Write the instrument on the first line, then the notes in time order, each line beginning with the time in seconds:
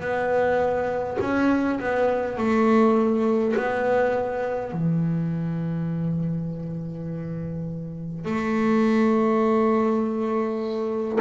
double bass
0.00 B3
1.20 C#4
1.80 B3
2.37 A3
3.56 B3
4.73 E3
8.25 A3